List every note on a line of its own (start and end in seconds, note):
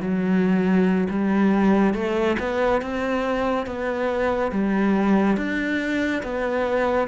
0.00 1.07 F#3
1.09 1.94 G3
1.94 2.36 A3
2.39 2.81 B3
2.81 3.66 C4
3.66 4.51 B3
4.51 5.36 G3
5.36 6.22 D4
6.23 7.08 B3